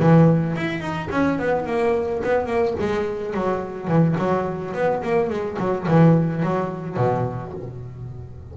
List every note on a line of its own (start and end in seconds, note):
0.00 0.56 E3
0.56 0.81 E4
0.81 1.09 D#4
1.11 1.39 C#4
1.39 1.66 B3
1.66 2.23 A#3
2.23 2.46 B3
2.46 2.75 A#3
2.80 3.34 G#3
3.34 3.88 F#3
3.88 4.16 E3
4.18 4.74 F#3
4.74 5.02 B3
5.03 5.30 A#3
5.30 5.58 G#3
5.59 5.87 F#3
5.88 6.43 E3
6.43 6.97 F#3
6.97 7.53 B2